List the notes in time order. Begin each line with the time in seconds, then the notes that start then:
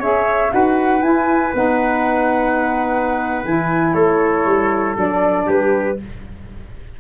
0.00 C#4 G#4 C#5 E5
0.49 D#4 F#4 B4 F#5
1.02 E4 G#5
1.54 B3 D#4 F#5
3.45 E3 E4 G#5
3.94 A3 A4 C#5
4.46 G3
4.96 F#3 D4 D5
5.46 G3 G4 B4